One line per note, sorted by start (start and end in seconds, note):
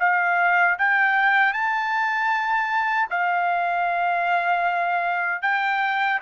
0.00 0.78 F5
0.79 1.53 G5
1.53 3.09 A5
3.10 5.42 F5
5.42 6.20 G5